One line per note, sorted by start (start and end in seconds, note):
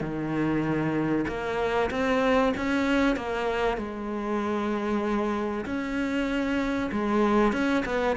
0.00 1.25 D#3
1.27 1.90 A#3
1.90 2.53 C4
2.57 3.16 C#4
3.16 3.77 A#3
3.77 5.64 G#3
5.65 6.90 C#4
6.91 7.52 G#3
7.52 7.84 C#4
7.85 8.16 B3